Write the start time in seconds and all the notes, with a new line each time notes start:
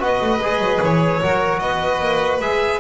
0.00 B3 F#4 B4 D#5
0.22 A3
0.39 G#3 G#4
0.59 F#3
0.82 E3 C#5
1.21 F#3 F#4 A#4
1.60 B3 B4 D#5
2.01 A#3
2.40 G#3 G#4 E5